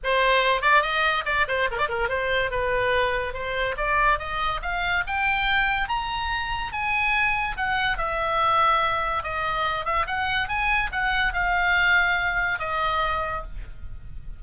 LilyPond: \new Staff \with { instrumentName = "oboe" } { \time 4/4 \tempo 4 = 143 c''4. d''8 dis''4 d''8 c''8 | ais'16 d''16 ais'8 c''4 b'2 | c''4 d''4 dis''4 f''4 | g''2 ais''2 |
gis''2 fis''4 e''4~ | e''2 dis''4. e''8 | fis''4 gis''4 fis''4 f''4~ | f''2 dis''2 | }